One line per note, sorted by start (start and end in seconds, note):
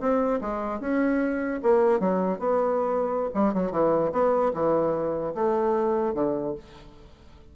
0.00 0.40 C4
0.41 0.80 G#3
0.80 1.61 C#4
1.62 2.00 A#3
2.00 2.39 F#3
2.39 3.29 B3
3.34 3.54 G3
3.54 3.71 F#3
3.71 4.11 E3
4.12 4.52 B3
4.54 5.34 E3
5.34 6.14 A3
6.14 6.54 D3